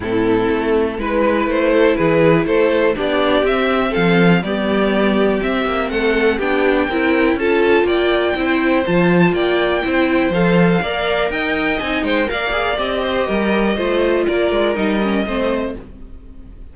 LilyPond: <<
  \new Staff \with { instrumentName = "violin" } { \time 4/4 \tempo 4 = 122 a'2 b'4 c''4 | b'4 c''4 d''4 e''4 | f''4 d''2 e''4 | fis''4 g''2 a''4 |
g''2 a''4 g''4~ | g''4 f''2 g''4 | gis''8 g''8 f''4 dis''2~ | dis''4 d''4 dis''2 | }
  \new Staff \with { instrumentName = "violin" } { \time 4/4 e'2 b'4. a'8 | gis'4 a'4 g'2 | a'4 g'2. | a'4 g'4 ais'4 a'4 |
d''4 c''2 d''4 | c''2 d''4 dis''4~ | dis''8 c''8 d''4. c''8 ais'4 | c''4 ais'2 c''4 | }
  \new Staff \with { instrumentName = "viola" } { \time 4/4 c'2 e'2~ | e'2 d'4 c'4~ | c'4 b2 c'4~ | c'4 d'4 e'4 f'4~ |
f'4 e'4 f'2 | e'4 a'4 ais'2 | dis'4 ais'8 gis'8 g'2 | f'2 dis'8 cis'8 c'4 | }
  \new Staff \with { instrumentName = "cello" } { \time 4/4 a,4 a4 gis4 a4 | e4 a4 b4 c'4 | f4 g2 c'8 ais8 | a4 b4 c'4 cis'4 |
ais4 c'4 f4 ais4 | c'4 f4 ais4 dis'4 | c'8 gis8 ais4 c'4 g4 | a4 ais8 gis8 g4 a4 | }
>>